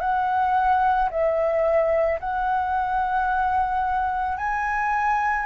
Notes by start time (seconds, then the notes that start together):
0.00 F#5
1.10 E5
2.19 F#5
4.37 G#5